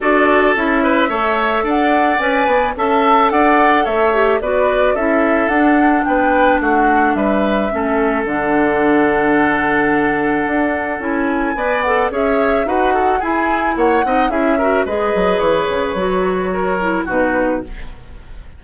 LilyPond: <<
  \new Staff \with { instrumentName = "flute" } { \time 4/4 \tempo 4 = 109 d''4 e''2 fis''4 | gis''4 a''4 fis''4 e''4 | d''4 e''4 fis''4 g''4 | fis''4 e''2 fis''4~ |
fis''1 | gis''4. fis''8 e''4 fis''4 | gis''4 fis''4 e''4 dis''4 | cis''2. b'4 | }
  \new Staff \with { instrumentName = "oboe" } { \time 4/4 a'4. b'8 cis''4 d''4~ | d''4 e''4 d''4 cis''4 | b'4 a'2 b'4 | fis'4 b'4 a'2~ |
a'1~ | a'4 d''4 cis''4 b'8 a'8 | gis'4 cis''8 dis''8 gis'8 ais'8 b'4~ | b'2 ais'4 fis'4 | }
  \new Staff \with { instrumentName = "clarinet" } { \time 4/4 fis'4 e'4 a'2 | b'4 a'2~ a'8 g'8 | fis'4 e'4 d'2~ | d'2 cis'4 d'4~ |
d'1 | e'4 b'8 a'8 gis'4 fis'4 | e'4. dis'8 e'8 fis'8 gis'4~ | gis'4 fis'4. e'8 dis'4 | }
  \new Staff \with { instrumentName = "bassoon" } { \time 4/4 d'4 cis'4 a4 d'4 | cis'8 b8 cis'4 d'4 a4 | b4 cis'4 d'4 b4 | a4 g4 a4 d4~ |
d2. d'4 | cis'4 b4 cis'4 dis'4 | e'4 ais8 c'8 cis'4 gis8 fis8 | e8 cis8 fis2 b,4 | }
>>